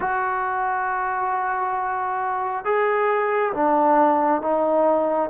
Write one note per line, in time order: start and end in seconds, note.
0.00 2.64 F#4
2.64 3.53 G#4
3.53 4.41 D4
4.41 5.29 D#4